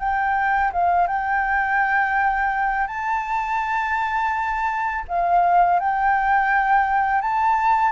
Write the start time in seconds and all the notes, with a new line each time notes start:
0.00 G5
0.73 F5
1.08 G5
2.88 A5
5.08 F5
5.80 G5
7.22 A5